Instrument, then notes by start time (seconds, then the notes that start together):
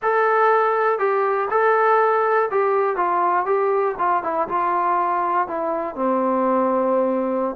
trombone
0.02 A4
0.98 G4
1.50 A4
2.50 G4
2.96 F4
3.45 G4
3.98 F4
4.23 E4
4.48 F4
5.47 E4
5.95 C4